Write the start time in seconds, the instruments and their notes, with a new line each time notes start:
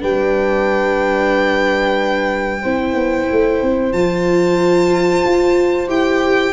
0.00 tuba G3, viola D4, horn B4, violin G5
2.61 tuba C4, viola E4, horn C5
2.94 tuba B3
3.32 tuba A3
3.62 tuba C4
3.92 tuba F3, viola F4, violin A5
5.25 tuba F4
5.88 tuba E4, viola G4, violin G5